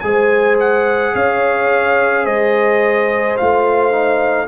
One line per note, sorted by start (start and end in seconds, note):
0.00 1.14 G#3
0.00 3.36 G#4
0.00 1.14 C5
0.00 0.56 G#5
0.59 1.15 F#5
1.14 2.25 C#4
1.14 2.25 C#5
1.14 2.25 F5
2.25 3.36 G#3
2.25 4.47 C5
2.25 3.36 D#5
3.37 4.47 A3
3.37 3.91 F4
3.37 4.47 F5
3.91 4.47 D#4